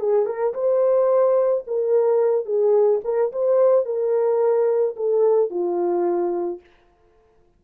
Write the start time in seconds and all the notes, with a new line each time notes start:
0.00 G#4
0.26 A#4
0.54 C5
1.67 A#4
2.45 G#4
3.04 A#4
3.32 C5
3.85 A#4
4.96 A4
5.50 F4